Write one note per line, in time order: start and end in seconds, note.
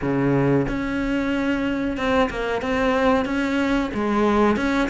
0.01 0.66 C#3
0.68 1.97 C#4
1.97 2.29 C4
2.30 2.61 A#3
2.61 3.25 C4
3.25 3.90 C#4
3.94 4.56 G#3
4.56 4.89 C#4